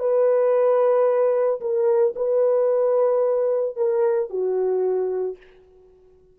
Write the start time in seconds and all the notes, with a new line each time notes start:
0.00 B4
1.61 A#4
2.16 B4
3.76 A#4
4.30 F#4